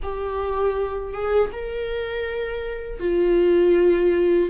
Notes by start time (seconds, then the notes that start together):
0.02 G4
1.12 G#4
1.52 A#4
2.99 F4